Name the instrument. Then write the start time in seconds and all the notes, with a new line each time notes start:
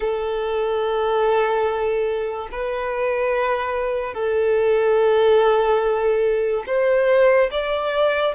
violin
0.00 A4
2.51 B4
4.14 A4
6.66 C5
7.51 D5